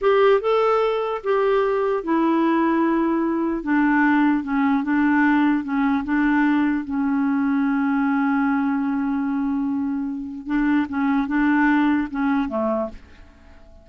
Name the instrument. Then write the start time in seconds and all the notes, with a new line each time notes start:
clarinet
0.01 G4
0.40 A4
1.23 G4
2.03 E4
3.63 D4
4.43 C#4
4.83 D4
5.64 C#4
6.04 D4
6.84 C#4
10.46 D4
10.88 C#4
11.27 D4
12.10 C#4
12.48 A3